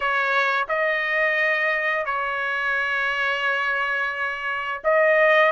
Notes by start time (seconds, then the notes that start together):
0.00 C#5
0.68 D#5
2.05 C#5
4.84 D#5